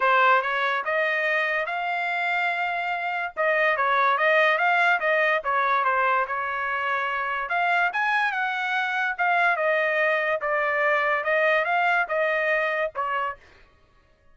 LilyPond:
\new Staff \with { instrumentName = "trumpet" } { \time 4/4 \tempo 4 = 144 c''4 cis''4 dis''2 | f''1 | dis''4 cis''4 dis''4 f''4 | dis''4 cis''4 c''4 cis''4~ |
cis''2 f''4 gis''4 | fis''2 f''4 dis''4~ | dis''4 d''2 dis''4 | f''4 dis''2 cis''4 | }